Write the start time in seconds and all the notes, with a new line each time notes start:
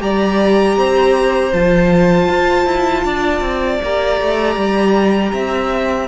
0.00 G3 G4 D5 A#5
0.77 C4 C5
1.52 F3 F4 A5
2.29 F4
2.66 E4
3.04 D4 D5
3.41 C4
3.83 A#3 G4 A#5
4.21 A3
4.56 G3
5.33 C4 E5